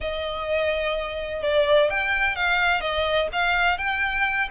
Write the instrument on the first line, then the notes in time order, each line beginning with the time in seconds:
violin
0.01 D#5
1.42 D5
1.90 G5
2.35 F5
2.80 D#5
3.32 F5
3.78 G5